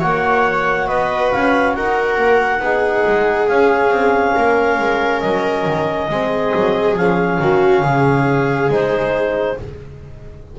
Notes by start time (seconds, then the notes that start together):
0.00 A#3 F#4 C#5 F#5
0.87 B3 B4 D#5
1.32 C#4 F5
1.75 D#4 A#4 F#5
2.17 A#3
2.60 B3 D#4 G#4
3.07 G#3
3.48 C#4 F5
3.90 C4
4.35 A#3 A#4
4.79 G#3
5.20 F#3 D#5
5.66 D#3
6.09 G#3 C4 G#4
6.55 F#3
6.96 F3 C#4 F5
7.40 D#3 F#4
7.83 C#3 G#4
8.69 G#3 D#4 C5